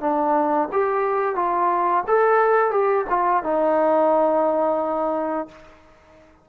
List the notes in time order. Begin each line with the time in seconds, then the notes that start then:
0.00 D4
0.72 G4
1.35 F4
2.07 A4
2.71 G4
3.09 F4
3.43 D#4